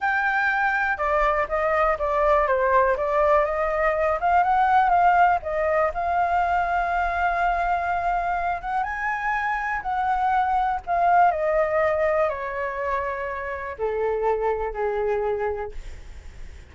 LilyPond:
\new Staff \with { instrumentName = "flute" } { \time 4/4 \tempo 4 = 122 g''2 d''4 dis''4 | d''4 c''4 d''4 dis''4~ | dis''8 f''8 fis''4 f''4 dis''4 | f''1~ |
f''4. fis''8 gis''2 | fis''2 f''4 dis''4~ | dis''4 cis''2. | a'2 gis'2 | }